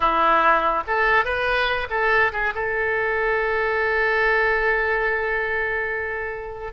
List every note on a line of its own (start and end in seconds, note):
0.00 0.83 E4
0.87 1.24 A4
1.24 1.87 B4
1.90 2.32 A4
2.32 2.53 G#4
2.54 6.72 A4